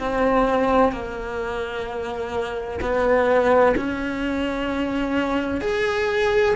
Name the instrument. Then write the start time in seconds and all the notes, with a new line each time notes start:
cello
0.00 C4
0.93 A#3
2.82 B3
3.77 C#4
5.62 G#4